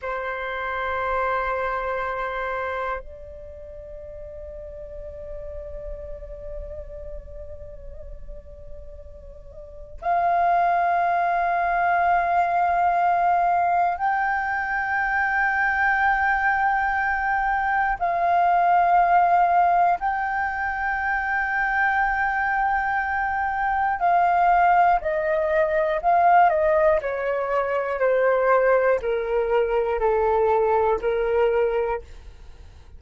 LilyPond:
\new Staff \with { instrumentName = "flute" } { \time 4/4 \tempo 4 = 60 c''2. d''4~ | d''1~ | d''2 f''2~ | f''2 g''2~ |
g''2 f''2 | g''1 | f''4 dis''4 f''8 dis''8 cis''4 | c''4 ais'4 a'4 ais'4 | }